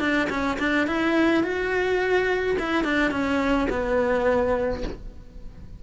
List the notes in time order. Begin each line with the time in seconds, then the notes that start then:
0.00 D4
0.30 C#4
0.59 D4
0.87 E4
1.43 F#4
2.59 E4
2.84 D4
3.11 C#4
3.70 B3